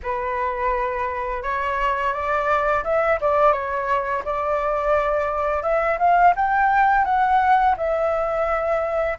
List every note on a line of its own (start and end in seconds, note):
0.03 1.42 B4
1.42 2.13 C#5
2.13 2.83 D5
2.84 3.19 E5
3.21 3.52 D5
3.52 4.23 C#5
4.24 5.62 D5
5.62 5.98 E5
5.98 6.34 F5
6.36 7.04 G5
7.04 7.75 F#5
7.76 9.18 E5